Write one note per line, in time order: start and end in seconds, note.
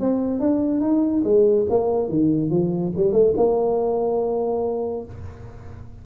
0.00 0.40 C4
0.40 0.81 D4
0.81 1.23 D#4
1.24 1.66 G#3
1.69 2.08 A#3
2.08 2.50 D#3
2.50 2.92 F3
2.96 3.12 G3
3.12 3.33 A3
3.37 5.04 A#3